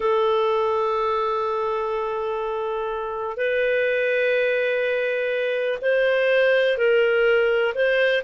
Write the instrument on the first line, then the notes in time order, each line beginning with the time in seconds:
clarinet
0.00 A4
3.36 B4
5.81 C5
6.77 A#4
7.74 C5